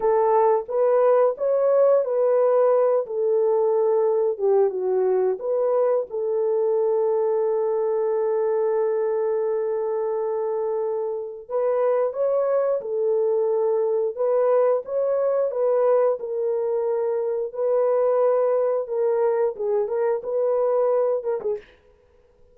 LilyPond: \new Staff \with { instrumentName = "horn" } { \time 4/4 \tempo 4 = 89 a'4 b'4 cis''4 b'4~ | b'8 a'2 g'8 fis'4 | b'4 a'2.~ | a'1~ |
a'4 b'4 cis''4 a'4~ | a'4 b'4 cis''4 b'4 | ais'2 b'2 | ais'4 gis'8 ais'8 b'4. ais'16 gis'16 | }